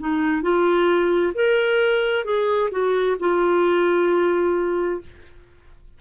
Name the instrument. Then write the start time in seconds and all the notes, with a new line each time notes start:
clarinet
0.00 D#4
0.42 F4
1.35 A#4
2.25 G#4
2.71 F#4
3.19 F4